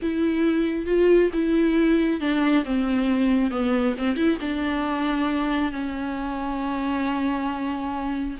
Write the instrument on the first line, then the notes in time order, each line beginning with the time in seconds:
viola
0.01 E4
0.86 F4
1.33 E4
2.20 D4
2.65 C4
3.50 B3
3.98 C4
4.16 E4
4.40 D4
5.72 C#4